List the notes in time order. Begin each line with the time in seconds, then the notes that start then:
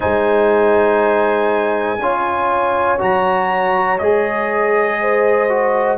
0.00 G#3 D#4 C5 G#5
1.98 C#4 F4 C#5
2.98 F#3 F#4 A#5
3.98 G#3 G#4 D#5
5.01 C5
5.49 F#4